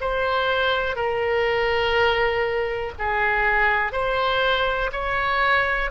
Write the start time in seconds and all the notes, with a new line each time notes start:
0.00 C5
0.95 A#4
2.98 G#4
3.92 C5
4.92 C#5